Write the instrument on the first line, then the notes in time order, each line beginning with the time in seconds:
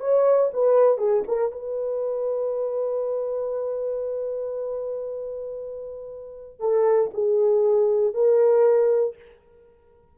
horn
0.00 C#5
0.53 B4
0.98 G#4
1.28 A#4
1.52 B4
6.60 A4
7.13 G#4
8.14 A#4